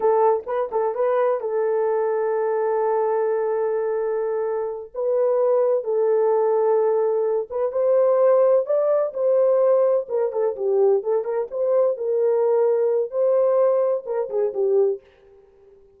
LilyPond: \new Staff \with { instrumentName = "horn" } { \time 4/4 \tempo 4 = 128 a'4 b'8 a'8 b'4 a'4~ | a'1~ | a'2~ a'8 b'4.~ | b'8 a'2.~ a'8 |
b'8 c''2 d''4 c''8~ | c''4. ais'8 a'8 g'4 a'8 | ais'8 c''4 ais'2~ ais'8 | c''2 ais'8 gis'8 g'4 | }